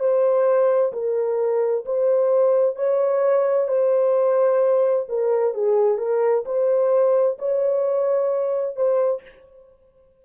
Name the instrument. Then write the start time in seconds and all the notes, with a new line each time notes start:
horn
0.00 C5
0.92 A#4
1.85 C5
2.76 C#5
3.68 C5
5.09 A#4
5.54 G#4
5.97 A#4
6.45 C5
7.38 C#5
8.76 C5